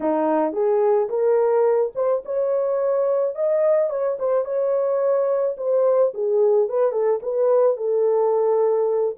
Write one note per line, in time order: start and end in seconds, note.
0.00 0.53 D#4
0.53 1.08 G#4
1.09 1.92 A#4
1.95 2.23 C5
2.25 3.35 C#5
3.35 3.90 D#5
3.90 4.17 C#5
4.19 4.44 C5
4.44 5.56 C#5
5.57 6.12 C5
6.14 6.68 G#4
6.68 6.92 B4
6.92 7.19 A4
7.22 7.76 B4
7.76 9.15 A4